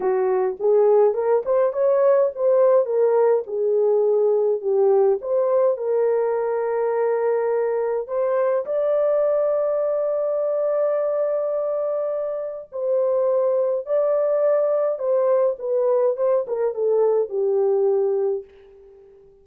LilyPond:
\new Staff \with { instrumentName = "horn" } { \time 4/4 \tempo 4 = 104 fis'4 gis'4 ais'8 c''8 cis''4 | c''4 ais'4 gis'2 | g'4 c''4 ais'2~ | ais'2 c''4 d''4~ |
d''1~ | d''2 c''2 | d''2 c''4 b'4 | c''8 ais'8 a'4 g'2 | }